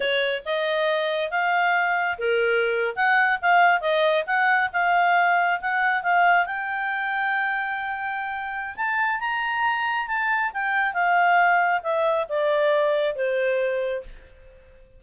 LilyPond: \new Staff \with { instrumentName = "clarinet" } { \time 4/4 \tempo 4 = 137 cis''4 dis''2 f''4~ | f''4 ais'4.~ ais'16 fis''4 f''16~ | f''8. dis''4 fis''4 f''4~ f''16~ | f''8. fis''4 f''4 g''4~ g''16~ |
g''1 | a''4 ais''2 a''4 | g''4 f''2 e''4 | d''2 c''2 | }